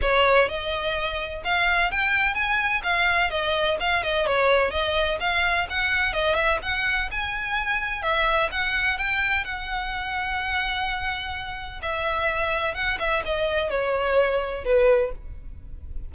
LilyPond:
\new Staff \with { instrumentName = "violin" } { \time 4/4 \tempo 4 = 127 cis''4 dis''2 f''4 | g''4 gis''4 f''4 dis''4 | f''8 dis''8 cis''4 dis''4 f''4 | fis''4 dis''8 e''8 fis''4 gis''4~ |
gis''4 e''4 fis''4 g''4 | fis''1~ | fis''4 e''2 fis''8 e''8 | dis''4 cis''2 b'4 | }